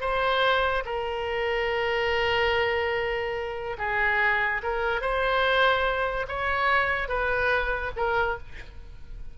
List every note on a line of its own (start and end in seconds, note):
0.00 0.83 C5
0.85 3.77 A#4
3.78 4.61 G#4
4.62 5.01 A#4
5.01 6.26 C5
6.28 7.08 C#5
7.08 7.91 B4
7.96 8.38 A#4